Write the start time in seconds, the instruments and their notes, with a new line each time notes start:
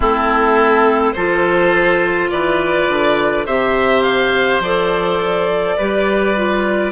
0.00 bassoon A3, clarinet C4, oboe E4, violin A4
1.12 bassoon F3, clarinet F4, oboe A4, violin C5
2.30 bassoon E3, oboe B4, violin D5
2.88 bassoon D3
3.46 bassoon C3, clarinet G4, oboe C5, violin E5
4.02 violin F5
4.59 bassoon F3, clarinet A4, violin D5
5.77 bassoon G3, clarinet G4, oboe B4
6.36 clarinet F4